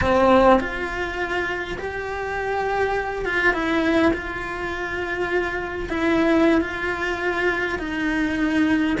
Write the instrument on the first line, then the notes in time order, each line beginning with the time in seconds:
cello
0.01 C4
0.59 F4
1.78 G4
3.25 F4
3.53 E4
4.13 F4
5.89 E4
6.61 F4
7.79 D#4